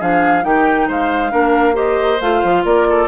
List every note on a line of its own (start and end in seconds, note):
0.00 0.44 F3
0.00 0.43 D4
0.00 0.44 G#4
0.00 0.45 F5
0.43 0.89 D#3
0.43 1.31 D#4
0.43 0.88 G4
0.43 0.89 G5
0.88 1.33 G#3
0.88 1.32 C5
0.88 1.77 F5
1.31 2.21 A#3
1.31 1.74 D4
1.31 1.75 A#4
1.74 2.18 G4
1.74 2.63 C5
1.74 2.21 D#5
2.21 2.43 A3
2.21 3.08 F4
2.21 2.65 F5
2.44 2.65 F3
2.65 3.08 A#3
2.65 2.87 A#4
2.65 3.08 D5
2.90 3.08 A4